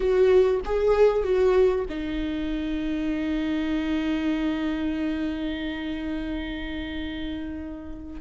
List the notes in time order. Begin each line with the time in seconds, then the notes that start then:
0.00 F#4
0.65 G#4
1.23 F#4
1.89 D#4